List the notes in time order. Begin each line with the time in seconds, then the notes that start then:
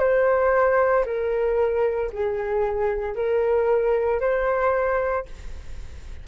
0.00 C5
1.06 A#4
2.12 G#4
3.16 A#4
4.21 C5